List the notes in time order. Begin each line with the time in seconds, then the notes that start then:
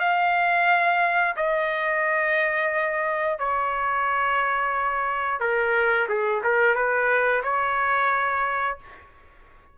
0.00 F5
1.37 D#5
3.40 C#5
5.41 A#4
6.09 G#4
6.44 A#4
6.76 B4
7.44 C#5